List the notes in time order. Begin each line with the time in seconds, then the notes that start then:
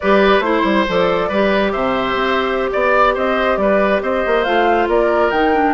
0.00 G3 G4 B4 D5
0.39 A3 E4 C5
0.64 G3
0.87 F3 A4 D5
1.28 G3 G4 B4
1.71 C3 C5 E5
2.14 C4
2.72 B3 D5
3.14 C4 C5 D#5
3.57 G3 B4 D5
4.02 C4 C5 D#5
4.26 A#3
4.44 A3 F4 F5
4.88 A#3 A#4 D5
5.30 D#3 D#4 G5
5.54 D4